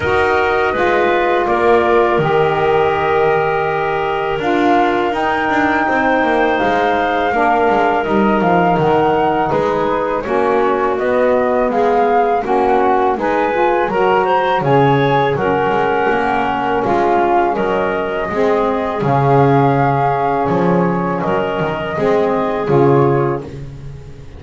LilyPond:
<<
  \new Staff \with { instrumentName = "flute" } { \time 4/4 \tempo 4 = 82 dis''2 d''4 dis''4~ | dis''2 f''4 g''4~ | g''4 f''2 dis''8 f''8 | fis''4 b'4 cis''4 dis''4 |
f''4 fis''4 gis''4 ais''4 | gis''4 fis''2 f''4 | dis''2 f''2 | cis''4 dis''2 cis''4 | }
  \new Staff \with { instrumentName = "clarinet" } { \time 4/4 ais'4 b'4 ais'2~ | ais'1 | c''2 ais'2~ | ais'4 gis'4 fis'2 |
gis'4 fis'4 b'4 ais'8 c''8 | cis''4 ais'2 f'4 | ais'4 gis'2.~ | gis'4 ais'4 gis'2 | }
  \new Staff \with { instrumentName = "saxophone" } { \time 4/4 fis'4 f'2 g'4~ | g'2 f'4 dis'4~ | dis'2 d'4 dis'4~ | dis'2 cis'4 b4~ |
b4 cis'4 dis'8 f'8 fis'4 | gis'4 cis'2.~ | cis'4 c'4 cis'2~ | cis'2 c'4 f'4 | }
  \new Staff \with { instrumentName = "double bass" } { \time 4/4 dis'4 gis4 ais4 dis4~ | dis2 d'4 dis'8 d'8 | c'8 ais8 gis4 ais8 gis8 g8 f8 | dis4 gis4 ais4 b4 |
gis4 ais4 gis4 fis4 | cis4 fis8 gis8 ais4 gis4 | fis4 gis4 cis2 | f4 fis8 dis8 gis4 cis4 | }
>>